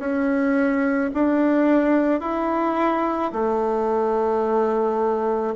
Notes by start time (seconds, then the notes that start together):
0.00 C#4
1.15 D4
2.21 E4
3.33 A3